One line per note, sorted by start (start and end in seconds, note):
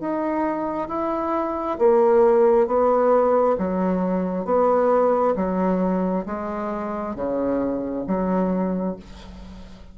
0.00 0.88 D#4
0.88 1.77 E4
1.78 2.67 A#3
2.67 3.56 B3
3.57 4.45 F#3
4.45 5.34 B3
5.35 6.25 F#3
6.26 7.15 G#3
7.15 8.05 C#3
8.06 8.96 F#3